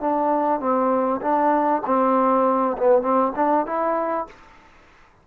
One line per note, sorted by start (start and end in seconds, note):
0.00 0.60 D4
0.60 1.20 C4
1.21 1.81 D4
1.85 2.76 C4
2.77 3.02 B3
3.02 3.32 C4
3.35 3.66 D4
3.66 4.26 E4